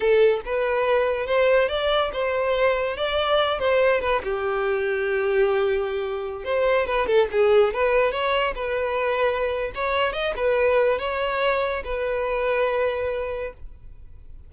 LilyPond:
\new Staff \with { instrumentName = "violin" } { \time 4/4 \tempo 4 = 142 a'4 b'2 c''4 | d''4 c''2 d''4~ | d''8 c''4 b'8 g'2~ | g'2.~ g'16 c''8.~ |
c''16 b'8 a'8 gis'4 b'4 cis''8.~ | cis''16 b'2~ b'8. cis''4 | dis''8 b'4. cis''2 | b'1 | }